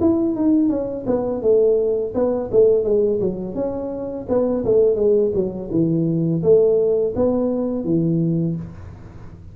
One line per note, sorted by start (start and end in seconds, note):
0.00 0.35 E4
0.35 0.69 D#4
0.69 1.05 C#4
1.06 1.42 B3
1.42 2.13 A3
2.14 2.50 B3
2.51 2.84 A3
2.84 3.19 G#3
3.20 3.55 F#3
3.55 4.26 C#4
4.29 4.64 B3
4.65 4.95 A3
4.95 5.31 G#3
5.34 5.70 F#3
5.70 6.42 E3
6.43 7.14 A3
7.15 7.84 B3
7.84 8.56 E3